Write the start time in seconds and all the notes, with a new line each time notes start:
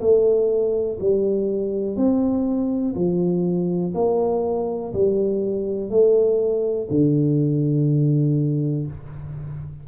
0.00 A3
1.00 G3
1.96 C4
2.95 F3
3.94 A#3
4.93 G3
5.90 A3
6.90 D3